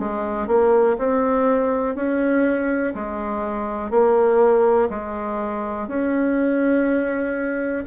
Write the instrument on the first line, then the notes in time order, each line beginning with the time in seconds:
bassoon
0.00 G#3
0.48 A#3
0.99 C4
1.96 C#4
2.95 G#3
3.91 A#3
4.90 G#3
5.88 C#4